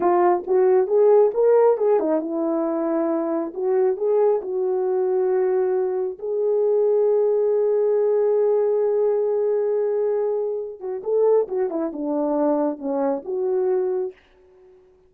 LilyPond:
\new Staff \with { instrumentName = "horn" } { \time 4/4 \tempo 4 = 136 f'4 fis'4 gis'4 ais'4 | gis'8 dis'8 e'2. | fis'4 gis'4 fis'2~ | fis'2 gis'2~ |
gis'1~ | gis'1~ | gis'8 fis'8 a'4 fis'8 e'8 d'4~ | d'4 cis'4 fis'2 | }